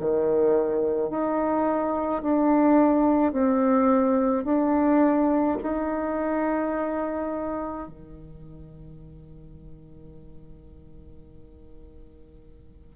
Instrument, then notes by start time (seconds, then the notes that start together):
bassoon
0.00 D#3
1.10 D#4
2.22 D4
3.32 C4
4.45 D4
5.63 D#4
7.88 D#3